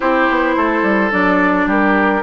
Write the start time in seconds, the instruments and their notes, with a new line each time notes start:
0.00 bassoon C4, clarinet E4, oboe G4, flute C5
0.29 bassoon B3
0.56 bassoon A3, oboe A4
0.82 bassoon G3
1.11 bassoon F#3, clarinet D4, flute D5
1.66 bassoon G3, oboe G4, flute A#4